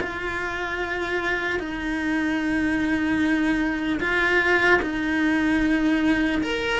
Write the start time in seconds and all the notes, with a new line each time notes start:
0.00 F4
1.59 D#4
4.00 F4
4.81 D#4
6.42 A#4